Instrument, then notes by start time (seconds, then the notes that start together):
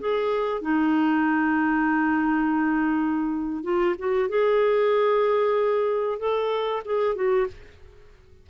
clarinet
0.00 G#4
0.62 D#4
3.64 F4
3.99 F#4
4.29 G#4
6.19 A4
6.86 G#4
7.15 F#4